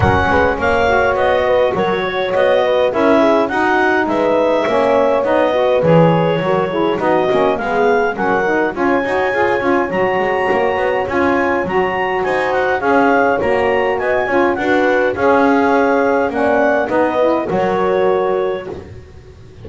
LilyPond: <<
  \new Staff \with { instrumentName = "clarinet" } { \time 4/4 \tempo 4 = 103 fis''4 f''4 dis''4 cis''4 | dis''4 e''4 fis''4 e''4~ | e''4 dis''4 cis''2 | dis''4 f''4 fis''4 gis''4~ |
gis''4 ais''2 gis''4 | ais''4 gis''8 fis''8 f''4 ais''4 | gis''4 fis''4 f''2 | fis''4 dis''4 cis''2 | }
  \new Staff \with { instrumentName = "horn" } { \time 4/4 ais'8 b'8 cis''4. b'8 ais'8 cis''8~ | cis''8 b'8 ais'8 gis'8 fis'4 b'4 | cis''4. b'4. ais'8 gis'8 | fis'4 gis'4 ais'4 cis''4~ |
cis''1~ | cis''4 c''4 cis''2 | dis''8 cis''8 b'4 cis''2 | d''4 b'4 ais'2 | }
  \new Staff \with { instrumentName = "saxophone" } { \time 4/4 cis'4. fis'2~ fis'8~ | fis'4 e'4 dis'2 | cis'4 dis'8 fis'8 gis'4 fis'8 e'8 | dis'8 cis'8 b4 cis'8 dis'8 f'8 fis'8 |
gis'8 f'8 fis'2 f'4 | fis'2 gis'4 fis'4~ | fis'8 f'8 fis'4 gis'2 | cis'4 dis'8 e'8 fis'2 | }
  \new Staff \with { instrumentName = "double bass" } { \time 4/4 fis8 gis8 ais4 b4 fis4 | b4 cis'4 dis'4 gis4 | ais4 b4 e4 fis4 | b8 ais8 gis4 fis4 cis'8 dis'8 |
f'8 cis'8 fis8 gis8 ais8 b8 cis'4 | fis4 dis'4 cis'4 ais4 | b8 cis'8 d'4 cis'2 | ais4 b4 fis2 | }
>>